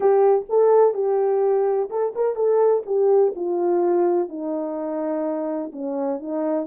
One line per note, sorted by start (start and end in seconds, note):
0.00 0.45 G4
0.49 0.94 A4
0.94 1.89 G4
1.90 2.14 A4
2.15 2.35 A#4
2.35 2.83 A4
2.86 3.33 G4
3.35 4.29 F4
4.29 5.71 D#4
5.72 6.19 C#4
6.19 6.66 D#4